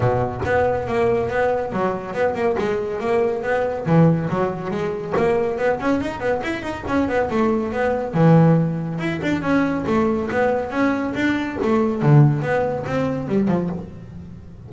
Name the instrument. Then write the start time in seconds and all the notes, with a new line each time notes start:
double bass
0.00 B2
0.45 B3
0.87 A#3
1.29 B3
1.72 F#3
2.13 B3
2.35 A#3
2.58 G#3
3.00 A#3
3.42 B3
3.86 E3
4.29 F#3
4.70 G#3
5.16 A#3
5.58 B3
5.80 C#4
6.00 D#4
6.19 B3
6.43 E4
6.62 D#4
6.87 C#4
7.08 B3
7.30 A3
7.72 B3
8.14 E3
8.98 E4
9.22 D4
9.42 C#4
9.86 A3
10.31 B3
10.70 C#4
11.14 D4
11.62 A3
12.02 D3
12.41 B3
12.86 C4
13.27 G3
13.48 F3